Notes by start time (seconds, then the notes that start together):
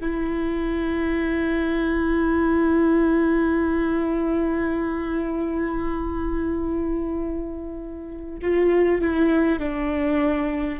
0.00 E4
8.42 F4
9.01 E4
9.59 D4